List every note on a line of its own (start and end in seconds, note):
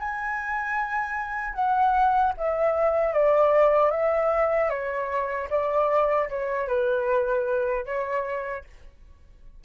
0.00 1.55 G#5
1.55 2.34 F#5
2.38 3.14 E5
3.14 3.92 D5
3.92 4.70 E5
4.70 5.49 C#5
5.50 6.29 D5
6.30 6.68 C#5
6.68 7.86 B4
7.86 8.65 C#5